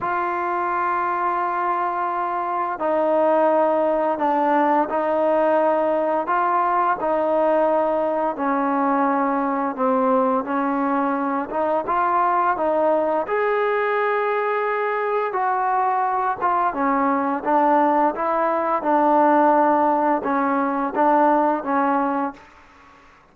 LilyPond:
\new Staff \with { instrumentName = "trombone" } { \time 4/4 \tempo 4 = 86 f'1 | dis'2 d'4 dis'4~ | dis'4 f'4 dis'2 | cis'2 c'4 cis'4~ |
cis'8 dis'8 f'4 dis'4 gis'4~ | gis'2 fis'4. f'8 | cis'4 d'4 e'4 d'4~ | d'4 cis'4 d'4 cis'4 | }